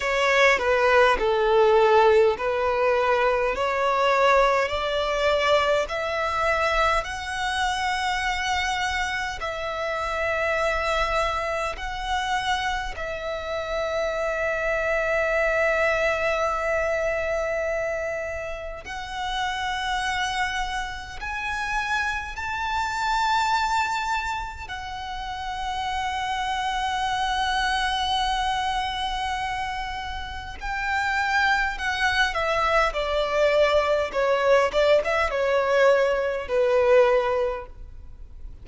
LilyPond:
\new Staff \with { instrumentName = "violin" } { \time 4/4 \tempo 4 = 51 cis''8 b'8 a'4 b'4 cis''4 | d''4 e''4 fis''2 | e''2 fis''4 e''4~ | e''1 |
fis''2 gis''4 a''4~ | a''4 fis''2.~ | fis''2 g''4 fis''8 e''8 | d''4 cis''8 d''16 e''16 cis''4 b'4 | }